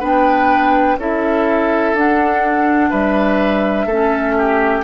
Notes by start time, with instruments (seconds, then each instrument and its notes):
0.00 bassoon B3, clarinet D4, oboe B4, flute G5
0.98 bassoon C#4, clarinet E4, oboe A4, flute E5
1.94 bassoon D4, clarinet D4, flute F#5
2.91 bassoon G3, oboe B4, flute E5
3.86 bassoon A3, clarinet C#4, oboe A4
4.38 oboe G4